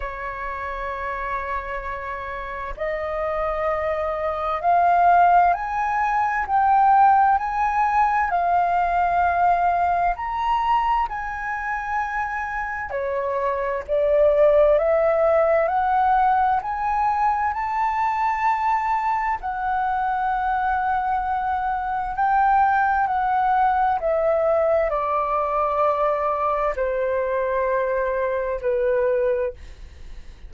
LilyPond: \new Staff \with { instrumentName = "flute" } { \time 4/4 \tempo 4 = 65 cis''2. dis''4~ | dis''4 f''4 gis''4 g''4 | gis''4 f''2 ais''4 | gis''2 cis''4 d''4 |
e''4 fis''4 gis''4 a''4~ | a''4 fis''2. | g''4 fis''4 e''4 d''4~ | d''4 c''2 b'4 | }